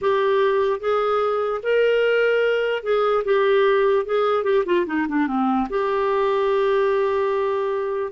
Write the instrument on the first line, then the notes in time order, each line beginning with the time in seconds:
clarinet
0.01 G4
0.80 G#4
1.62 A#4
2.83 G#4
3.24 G4
4.05 G#4
4.43 G4
4.65 F4
4.86 D#4
5.08 D4
5.27 C4
5.69 G4